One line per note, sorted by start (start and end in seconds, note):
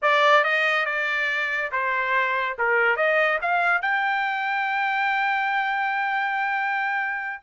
0.02 0.44 D5
0.44 0.85 D#5
0.85 1.70 D5
1.71 2.56 C5
2.58 2.96 A#4
2.96 3.38 D#5
3.41 3.81 F5
3.81 7.43 G5